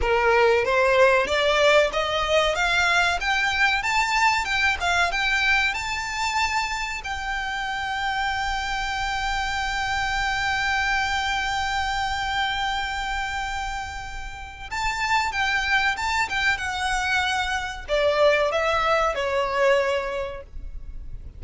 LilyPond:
\new Staff \with { instrumentName = "violin" } { \time 4/4 \tempo 4 = 94 ais'4 c''4 d''4 dis''4 | f''4 g''4 a''4 g''8 f''8 | g''4 a''2 g''4~ | g''1~ |
g''1~ | g''2. a''4 | g''4 a''8 g''8 fis''2 | d''4 e''4 cis''2 | }